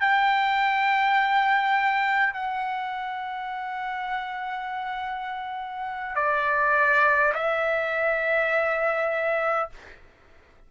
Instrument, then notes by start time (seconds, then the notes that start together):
trumpet
0.00 G5
2.34 F#5
6.15 D5
7.34 E5